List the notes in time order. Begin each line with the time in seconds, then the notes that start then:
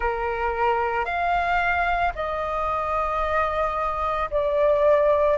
0.00 A#4
1.05 F5
2.15 D#5
4.30 D5